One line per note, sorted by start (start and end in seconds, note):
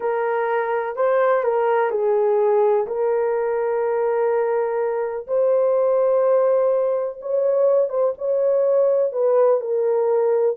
0.00 0.95 A#4
0.96 1.43 C5
1.43 1.90 A#4
1.90 2.86 G#4
2.86 5.26 A#4
5.27 7.19 C5
7.21 7.89 C#5
7.89 8.13 C5
8.18 9.12 C#5
9.12 9.60 B4
9.60 10.56 A#4